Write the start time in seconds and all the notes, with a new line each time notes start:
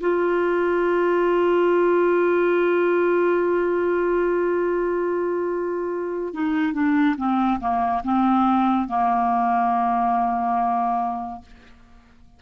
0.00 F4
6.33 D#4
6.73 D4
7.17 C4
7.60 A#3
8.03 C4
8.88 A#3